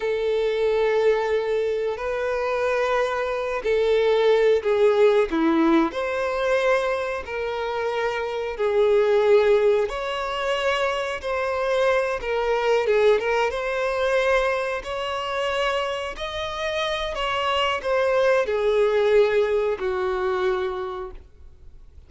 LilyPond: \new Staff \with { instrumentName = "violin" } { \time 4/4 \tempo 4 = 91 a'2. b'4~ | b'4. a'4. gis'4 | e'4 c''2 ais'4~ | ais'4 gis'2 cis''4~ |
cis''4 c''4. ais'4 gis'8 | ais'8 c''2 cis''4.~ | cis''8 dis''4. cis''4 c''4 | gis'2 fis'2 | }